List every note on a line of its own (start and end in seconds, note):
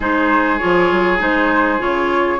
0.00 0.60 G#3
0.00 0.59 D#4
0.00 2.39 G#4
0.00 0.58 C5
0.58 0.91 F3
0.58 1.19 F4
0.58 1.18 C#5
0.91 1.21 F#3
1.19 1.80 G#3
1.19 1.79 D#4
1.19 1.81 C5
1.79 2.39 C#3
1.79 2.39 F4
1.79 2.39 C#5